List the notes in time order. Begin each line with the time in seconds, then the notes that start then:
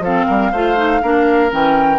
0.00 F3 C4 A4 F5
0.27 G3 A#4
0.52 A3 F4 C5
0.76 D#4
1.03 A#3 D4 A#4
1.50 E3 C#4 G5